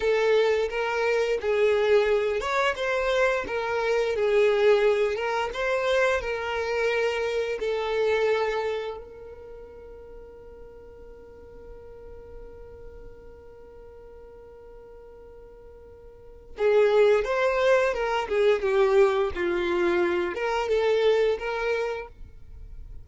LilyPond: \new Staff \with { instrumentName = "violin" } { \time 4/4 \tempo 4 = 87 a'4 ais'4 gis'4. cis''8 | c''4 ais'4 gis'4. ais'8 | c''4 ais'2 a'4~ | a'4 ais'2.~ |
ais'1~ | ais'1 | gis'4 c''4 ais'8 gis'8 g'4 | f'4. ais'8 a'4 ais'4 | }